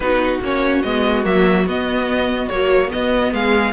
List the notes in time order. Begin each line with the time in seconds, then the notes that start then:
0.00 B3 D#4 F#4 B4
0.41 A#3 C#4 C#5
0.82 G#3 B3 D#5
1.23 F#3 A#3 E5
1.66 B3 D#5
2.48 F#3 A#3 C#5
2.88 B3 D#5
3.32 G#3 G#4 F5